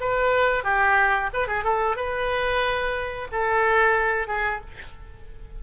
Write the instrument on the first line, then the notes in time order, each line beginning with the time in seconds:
oboe
0.00 B4
0.64 G4
1.33 B4
1.47 G#4
1.64 A4
1.96 B4
3.31 A4
4.27 G#4